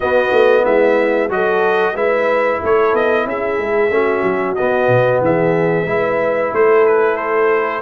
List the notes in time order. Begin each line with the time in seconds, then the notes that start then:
0.00 B3 F#4 D#5
0.31 A3
0.65 G#3 E4 E5
1.29 F#3 F#4 A4 D#5
1.94 G#3 E4 B4 E5
2.62 A3 A4 C#5
2.93 B3 D#5
3.25 C#4 G#4 E5
3.57 G#3
3.89 A3 C#4 F#4
4.22 F#3
4.55 B3 D#5
4.87 B2
5.21 E3 G#4 E5
5.85 G#3 E4 B4
6.52 A3 A4 C5
6.86 B4
7.16 C5